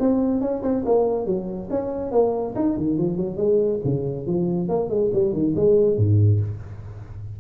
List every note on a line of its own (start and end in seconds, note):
0.00 0.41 C4
0.41 0.63 C#4
0.63 0.85 C4
0.86 1.26 A#3
1.26 1.69 F#3
1.70 2.12 C#4
2.12 2.55 A#3
2.56 2.77 D#4
2.77 2.98 D#3
2.98 3.17 F3
3.17 3.37 F#3
3.37 3.80 G#3
3.85 4.27 C#3
4.27 4.69 F3
4.69 4.90 A#3
4.90 5.11 G#3
5.14 5.33 G3
5.33 5.55 D#3
5.56 5.98 G#3
5.98 6.41 G#2